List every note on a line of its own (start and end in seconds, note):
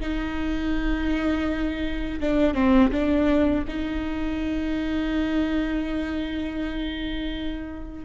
0.00 2.20 D#4
2.20 2.54 D4
2.54 2.91 C4
2.91 3.64 D4
3.68 8.05 D#4